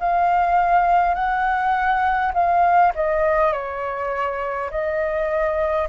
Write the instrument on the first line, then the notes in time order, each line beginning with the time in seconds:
flute
0.00 F5
1.15 F#5
2.34 F5
2.95 D#5
3.53 C#5
4.71 D#5